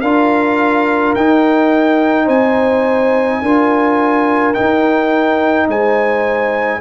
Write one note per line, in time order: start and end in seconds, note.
0.00 1.15 D4
0.00 1.17 F4
0.00 2.25 A#4
0.00 1.13 F5
1.15 2.27 D#4
1.15 3.43 D#4
1.15 2.28 G5
2.25 3.41 C4
2.25 3.38 C5
2.25 4.54 G#5
3.41 4.54 D4
3.41 4.54 F4
3.41 5.68 A#4
4.54 6.80 D#4
4.54 5.67 D#4
4.54 5.67 G5
5.67 6.80 G#3
5.67 6.80 C5
5.67 6.80 G#5